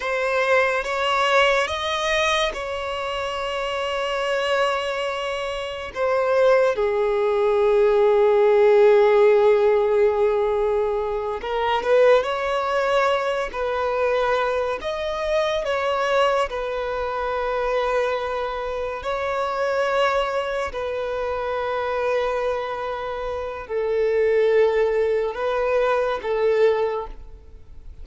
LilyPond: \new Staff \with { instrumentName = "violin" } { \time 4/4 \tempo 4 = 71 c''4 cis''4 dis''4 cis''4~ | cis''2. c''4 | gis'1~ | gis'4. ais'8 b'8 cis''4. |
b'4. dis''4 cis''4 b'8~ | b'2~ b'8 cis''4.~ | cis''8 b'2.~ b'8 | a'2 b'4 a'4 | }